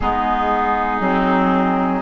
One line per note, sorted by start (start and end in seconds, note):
0.00 1.00 G#3
0.00 1.01 B3
0.00 2.01 D#4
0.00 2.01 G#4
1.00 2.01 F#3
1.00 2.01 C4